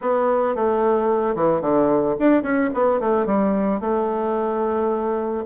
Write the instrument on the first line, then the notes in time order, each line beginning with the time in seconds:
bassoon
0.01 B3
0.55 A3
1.35 E3
1.61 D3
2.19 D4
2.42 C#4
2.74 B3
3.00 A3
3.26 G3
3.80 A3